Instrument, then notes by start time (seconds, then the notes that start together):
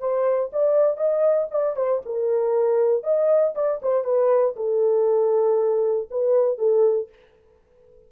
horn
0.00 C5
0.53 D5
0.97 D#5
1.51 D5
1.77 C5
2.06 A#4
3.04 D#5
3.55 D5
3.82 C5
4.04 B4
4.56 A4
6.11 B4
6.58 A4